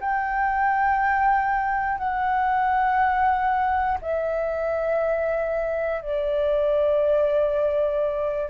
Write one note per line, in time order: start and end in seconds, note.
0.00 1.98 G5
1.98 3.98 F#5
4.02 6.01 E5
6.01 8.50 D5